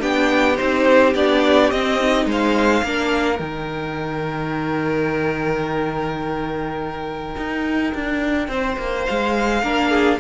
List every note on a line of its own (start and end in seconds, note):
0.00 0.59 B3
0.00 0.57 D4
0.00 2.26 G4
0.00 0.57 G5
0.57 1.15 C4
0.57 1.15 D#4
0.57 1.13 C5
1.15 1.71 B3
1.15 1.73 D4
1.15 1.71 D5
1.71 2.26 C4
1.71 2.00 C4
1.71 2.27 D#5
2.00 2.85 D#4
2.26 2.82 G#3
2.26 2.86 C5
2.32 3.39 F5
2.83 3.40 A#3
2.83 3.37 D4
2.83 8.49 A#4
3.37 7.36 D#3
3.37 9.60 D#4
3.37 9.05 G5
7.37 7.94 D#4
7.95 8.48 D4
8.48 8.77 C4
8.48 9.62 C5
8.79 9.07 A#3
9.06 9.63 G#3
9.06 10.19 F5
9.63 10.19 A#3
9.63 10.20 D4
9.63 9.90 A#4
9.90 10.19 G#4